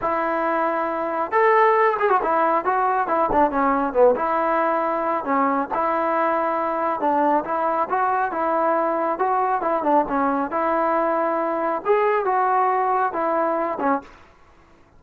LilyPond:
\new Staff \with { instrumentName = "trombone" } { \time 4/4 \tempo 4 = 137 e'2. a'4~ | a'8 gis'16 fis'16 e'4 fis'4 e'8 d'8 | cis'4 b8 e'2~ e'8 | cis'4 e'2. |
d'4 e'4 fis'4 e'4~ | e'4 fis'4 e'8 d'8 cis'4 | e'2. gis'4 | fis'2 e'4. cis'8 | }